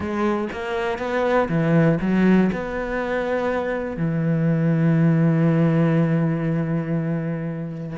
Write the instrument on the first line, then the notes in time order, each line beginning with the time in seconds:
cello
0.00 G#3
0.52 A#3
0.98 B3
1.49 E3
2.00 F#3
2.52 B3
3.97 E3